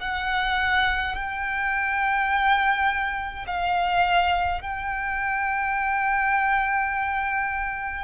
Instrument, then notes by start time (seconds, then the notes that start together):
violin
0.00 F#5
1.15 G5
3.47 F5
4.62 G5